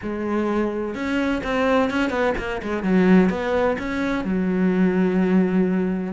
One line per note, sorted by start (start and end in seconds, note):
0.02 0.94 G#3
0.94 1.42 C#4
1.43 1.90 C4
1.90 2.10 C#4
2.10 2.33 B3
2.38 2.61 A#3
2.62 2.83 G#3
2.83 3.29 F#3
3.29 3.76 B3
3.78 4.24 C#4
4.24 6.13 F#3